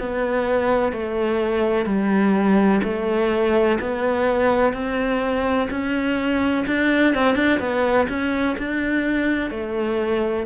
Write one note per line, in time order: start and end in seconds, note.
0.00 0.93 B3
0.93 1.86 A3
1.86 2.81 G3
2.84 3.79 A3
3.80 4.73 B3
4.73 5.68 C4
5.71 6.66 C#4
6.67 7.14 D4
7.15 7.35 C4
7.35 7.59 D4
7.60 8.07 B3
8.09 8.56 C#4
8.58 9.51 D4
9.51 10.46 A3